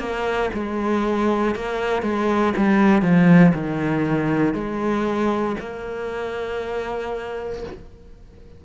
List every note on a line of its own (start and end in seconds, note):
0.00 0.51 A#3
0.54 1.56 G#3
1.56 2.03 A#3
2.03 2.54 G#3
2.57 3.03 G3
3.03 3.54 F3
3.55 4.55 D#3
4.55 5.57 G#3
5.61 7.64 A#3